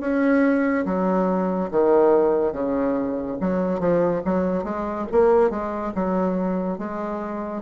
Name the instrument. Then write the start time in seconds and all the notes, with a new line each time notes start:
bassoon
0.00 C#4
0.85 F#3
1.71 D#3
2.53 C#3
3.41 F#3
3.80 F3
4.25 F#3
4.64 G#3
5.12 A#3
5.50 G#3
5.95 F#3
6.78 G#3